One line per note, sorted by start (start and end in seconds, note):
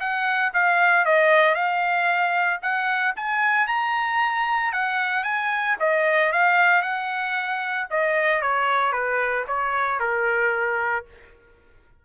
0.00 0.53 F#5
0.54 1.06 F5
1.06 1.55 D#5
1.55 2.60 F5
2.62 3.15 F#5
3.16 3.67 G#5
3.67 4.73 A#5
4.73 5.24 F#5
5.24 5.77 G#5
5.80 6.33 D#5
6.33 6.82 F5
6.82 7.87 F#5
7.90 8.42 D#5
8.42 8.93 C#5
8.93 9.45 B4
9.48 10.00 C#5
10.00 11.05 A#4